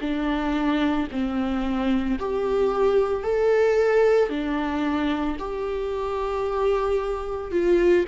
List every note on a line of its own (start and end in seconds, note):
0.00 1.07 D4
1.11 2.18 C4
2.18 3.23 G4
3.23 4.29 A4
4.29 5.36 D4
5.39 7.51 G4
7.51 8.05 F4